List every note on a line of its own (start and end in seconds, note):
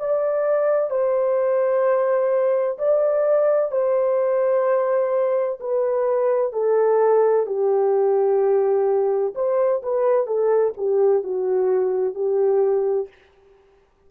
0.00 0.91 D5
0.91 2.78 C5
2.79 3.72 D5
3.72 5.60 C5
5.61 6.53 B4
6.53 7.47 A4
7.47 9.35 G4
9.35 9.82 C5
9.83 10.27 B4
10.27 10.74 A4
10.78 11.24 G4
11.24 12.15 F#4
12.15 13.09 G4